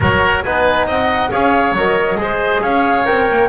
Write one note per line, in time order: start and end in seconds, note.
0.00 0.45 F#3
0.00 0.45 F#4
0.00 0.43 A#4
0.00 0.42 C#5
0.42 0.86 B3
0.42 1.31 D#4
0.42 0.86 B4
0.42 0.86 G#5
0.86 1.30 C4
0.86 1.30 D#5
0.86 1.31 F#5
1.30 1.72 C#4
1.30 1.75 G#4
1.30 2.18 C#5
1.30 1.75 F5
1.72 2.15 F#3
1.72 2.17 A#4
1.72 2.62 D#5
2.15 2.58 G#3
2.15 3.05 G#4
2.21 2.62 C5
2.62 3.06 C#4
2.62 3.49 C#5
2.62 3.05 F5
3.05 3.30 C4
3.05 3.48 A#4
3.05 3.49 G5
3.30 3.49 A#3